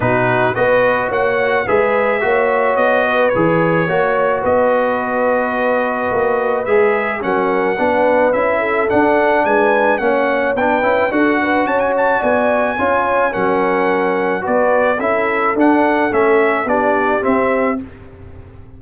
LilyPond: <<
  \new Staff \with { instrumentName = "trumpet" } { \time 4/4 \tempo 4 = 108 b'4 dis''4 fis''4 e''4~ | e''4 dis''4 cis''2 | dis''1 | e''4 fis''2 e''4 |
fis''4 gis''4 fis''4 g''4 | fis''4 a''16 gis''16 a''8 gis''2 | fis''2 d''4 e''4 | fis''4 e''4 d''4 e''4 | }
  \new Staff \with { instrumentName = "horn" } { \time 4/4 fis'4 b'4 cis''4 b'4 | cis''4. b'4. cis''4 | b'1~ | b'4 ais'4 b'4. a'8~ |
a'4 b'4 cis''4 b'4 | a'8 b'8 cis''4 d''4 cis''4 | ais'2 b'4 a'4~ | a'2 g'2 | }
  \new Staff \with { instrumentName = "trombone" } { \time 4/4 dis'4 fis'2 gis'4 | fis'2 gis'4 fis'4~ | fis'1 | gis'4 cis'4 d'4 e'4 |
d'2 cis'4 d'8 e'8 | fis'2. f'4 | cis'2 fis'4 e'4 | d'4 cis'4 d'4 c'4 | }
  \new Staff \with { instrumentName = "tuba" } { \time 4/4 b,4 b4 ais4 gis4 | ais4 b4 e4 ais4 | b2. ais4 | gis4 fis4 b4 cis'4 |
d'4 gis4 ais4 b8 cis'8 | d'4 cis'4 b4 cis'4 | fis2 b4 cis'4 | d'4 a4 b4 c'4 | }
>>